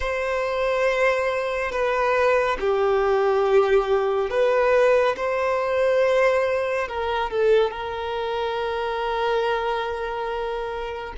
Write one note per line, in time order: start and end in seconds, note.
0.00 1.71 C5
1.71 2.57 B4
2.59 4.29 G4
4.29 5.15 B4
5.16 6.88 C5
6.88 7.30 A#4
7.30 7.71 A4
7.71 11.14 A#4